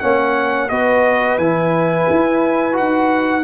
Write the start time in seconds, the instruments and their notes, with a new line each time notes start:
0.00 tuba A#3, trombone C#4, horn C#5, trumpet F#5
0.69 tuba B3, trombone F#4, horn B4, trumpet D#5
1.38 tuba E3, trombone E4, trumpet G#5
2.10 tuba E4
2.73 trombone F#4, trumpet F#5
2.79 tuba D#4